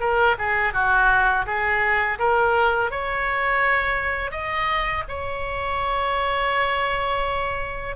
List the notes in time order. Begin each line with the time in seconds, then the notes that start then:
0.00 A#4
0.38 G#4
0.73 F#4
1.46 G#4
2.19 A#4
2.90 C#5
4.31 D#5
5.08 C#5